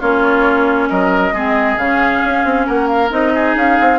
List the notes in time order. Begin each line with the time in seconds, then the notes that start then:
0.00 A#3 C#4 F4 C#5
0.89 F#3 A#4 D#5
1.32 G#3 C4 G#4
1.77 C#3 C#4 F5
2.25 C#4
2.44 C4
2.66 A#3 A#4 F#5
2.88 F5
3.10 C4 D#4 D#5
3.35 G#4
3.55 C#4 F5
3.80 C4